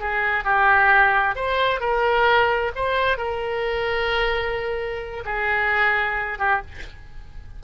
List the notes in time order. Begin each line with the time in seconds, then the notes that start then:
0.00 G#4
0.44 G4
1.36 C5
1.80 A#4
2.75 C5
3.17 A#4
5.25 G#4
6.39 G4